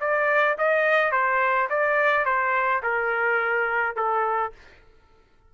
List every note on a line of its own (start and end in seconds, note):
0.00 0.57 D5
0.58 1.11 D#5
1.11 1.68 C5
1.69 2.25 D5
2.25 2.81 C5
2.83 3.95 A#4
3.95 4.52 A4